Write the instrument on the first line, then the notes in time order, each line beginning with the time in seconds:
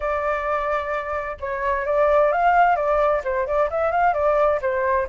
flute
0.00 D5
1.40 C#5
1.85 D5
2.32 F5
2.76 D5
3.23 C5
3.46 D5
3.70 E5
3.91 F5
4.13 D5
4.61 C5